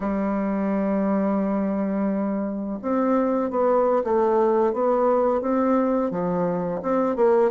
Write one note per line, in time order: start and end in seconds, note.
0.00 2.79 G3
2.82 3.50 C4
3.50 4.02 B3
4.04 4.73 A3
4.73 5.41 B3
5.41 6.10 C4
6.10 6.80 F3
6.82 7.16 C4
7.16 7.50 A#3